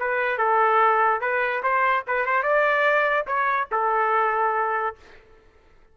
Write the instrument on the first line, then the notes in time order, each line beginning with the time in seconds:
trumpet
0.00 B4
0.39 A4
1.21 B4
1.63 C5
2.08 B4
2.26 C5
2.43 D5
3.27 C#5
3.72 A4